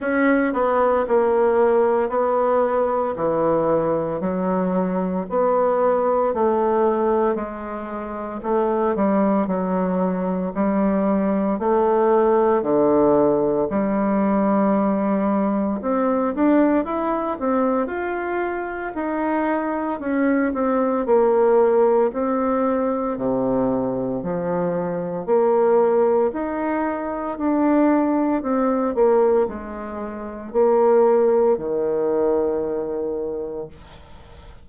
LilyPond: \new Staff \with { instrumentName = "bassoon" } { \time 4/4 \tempo 4 = 57 cis'8 b8 ais4 b4 e4 | fis4 b4 a4 gis4 | a8 g8 fis4 g4 a4 | d4 g2 c'8 d'8 |
e'8 c'8 f'4 dis'4 cis'8 c'8 | ais4 c'4 c4 f4 | ais4 dis'4 d'4 c'8 ais8 | gis4 ais4 dis2 | }